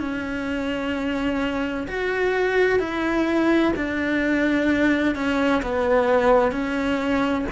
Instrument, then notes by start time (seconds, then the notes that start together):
cello
0.00 C#4
1.88 F#4
2.80 E4
3.76 D4
5.16 C#4
5.63 B3
6.52 C#4